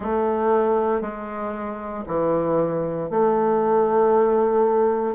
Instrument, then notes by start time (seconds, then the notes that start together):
bassoon
0.00 A3
1.01 G#3
2.07 E3
3.10 A3